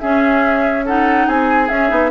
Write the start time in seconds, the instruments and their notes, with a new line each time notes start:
0.00 clarinet C#4, bassoon C#4, oboe G#4, flute E5
0.85 clarinet D#4, oboe A4, flute F#5
1.27 bassoon C4, oboe G#4, flute G#5
1.69 clarinet C#4, bassoon C#4, flute E5
1.89 bassoon B3, clarinet D#4